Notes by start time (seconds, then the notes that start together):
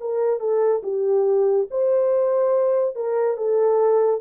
0.00 A#4
0.40 A4
0.83 G4
1.70 C5
2.95 A#4
3.36 A4